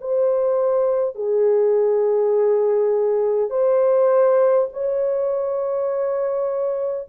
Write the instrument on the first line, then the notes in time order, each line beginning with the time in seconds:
horn
0.00 C5
1.15 G#4
3.50 C5
4.72 C#5